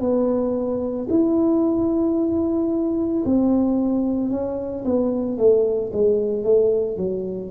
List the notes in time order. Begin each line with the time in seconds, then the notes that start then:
0.00 B3
1.10 E4
3.25 C4
4.31 C#4
4.85 B3
5.38 A3
5.93 G#3
6.44 A3
6.97 F#3